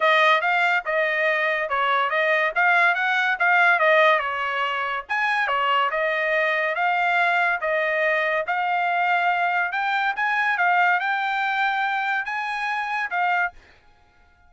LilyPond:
\new Staff \with { instrumentName = "trumpet" } { \time 4/4 \tempo 4 = 142 dis''4 f''4 dis''2 | cis''4 dis''4 f''4 fis''4 | f''4 dis''4 cis''2 | gis''4 cis''4 dis''2 |
f''2 dis''2 | f''2. g''4 | gis''4 f''4 g''2~ | g''4 gis''2 f''4 | }